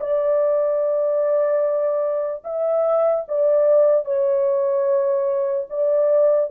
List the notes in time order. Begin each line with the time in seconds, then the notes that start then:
0.00 D5
2.44 E5
3.28 D5
4.05 C#5
5.70 D5